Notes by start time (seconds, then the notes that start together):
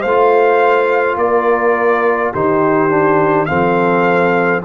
0.00 A3 C5 F5
0.08 F4
1.16 A#3 A#4 D5
2.33 D#3 D#4 G4 C5
2.90 D4
3.46 F3 C4 A4 F5